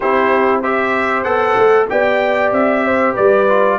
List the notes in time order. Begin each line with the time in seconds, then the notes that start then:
0.00 C4 E4 G4 C5
0.61 G4 C5 E5
1.23 B3 A4 F#5
1.56 A3
1.89 B3 G4 D5 G5
2.52 C4 E5
2.84 C5
3.13 G3 B4 D5
3.49 F4